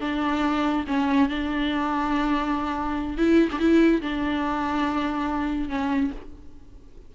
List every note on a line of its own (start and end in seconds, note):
0.00 0.85 D4
0.87 1.28 C#4
1.28 3.17 D4
3.17 3.49 E4
3.51 3.59 D4
3.59 4.01 E4
4.01 5.69 D4
5.69 6.11 C#4